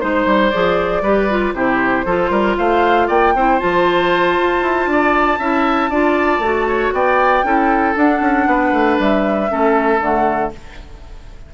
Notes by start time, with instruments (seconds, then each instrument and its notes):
0.00 bassoon G#3, clarinet D#4, flute C5, oboe C5
0.26 bassoon G3
0.50 bassoon F3, clarinet G#4, flute D5
1.01 bassoon G3, clarinet G4, oboe B4
1.30 clarinet F4
1.53 bassoon C3, clarinet E4, oboe G4, flute C5
2.05 bassoon F3, clarinet F4, oboe A4
2.30 bassoon G3, oboe A#4
2.57 bassoon A3, oboe C5, flute F5
3.07 bassoon A#3, oboe D5, flute G5
3.35 bassoon C4, clarinet E4, oboe C5
3.59 bassoon F3, clarinet F4, flute A5
4.39 bassoon F4
4.62 bassoon E4
4.86 bassoon D4, oboe D5
5.39 bassoon C#4, clarinet E4, oboe E5
5.90 bassoon D4, clarinet F4, oboe D5
6.39 bassoon A3, clarinet F#4
6.68 oboe C#5
6.93 bassoon B3, oboe D5, flute G5
7.43 bassoon C#4, clarinet E4, oboe A4
7.95 clarinet D4, bassoon D4, flute F#5
8.21 bassoon C#4
8.47 bassoon B3, oboe B4
8.72 bassoon A3
8.99 bassoon G3, flute E5
9.48 bassoon A3, clarinet C#4, oboe A4
10.00 bassoon D3, clarinet A3, flute F#5